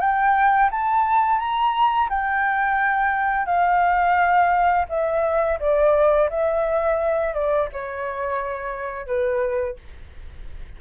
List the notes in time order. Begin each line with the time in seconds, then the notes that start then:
0.00 G5
0.71 A5
1.39 A#5
2.09 G5
3.46 F5
4.89 E5
5.59 D5
6.30 E5
7.34 D5
7.72 C#5
9.06 B4